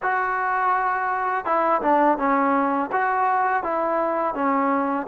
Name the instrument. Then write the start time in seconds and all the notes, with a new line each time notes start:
trombone
0.02 F#4
1.45 E4
1.81 D4
2.18 C#4
2.91 F#4
3.63 E4
4.34 C#4